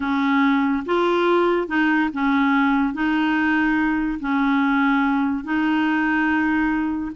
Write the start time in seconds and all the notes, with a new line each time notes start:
0.00 C#4
0.85 F4
1.67 D#4
2.13 C#4
2.93 D#4
4.20 C#4
5.44 D#4